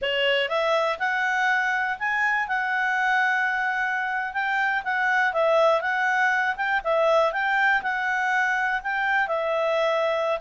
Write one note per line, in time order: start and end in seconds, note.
0.01 0.48 C#5
0.48 0.98 E5
0.98 1.98 F#5
1.98 2.48 G#5
2.48 4.33 F#5
4.33 4.82 G5
4.84 5.33 F#5
5.33 5.81 E5
5.81 6.55 F#5
6.56 6.81 G5
6.84 7.32 E5
7.32 7.82 G5
7.82 8.81 F#5
8.83 9.27 G5
9.27 10.39 E5